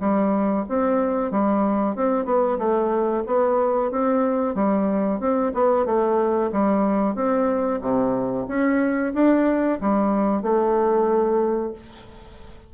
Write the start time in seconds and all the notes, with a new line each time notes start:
0.00 G3
0.69 C4
1.32 G3
1.96 C4
2.26 B3
2.58 A3
3.27 B3
3.91 C4
4.55 G3
5.20 C4
5.54 B3
5.86 A3
6.52 G3
7.16 C4
7.82 C3
8.48 C#4
9.15 D4
9.81 G3
10.43 A3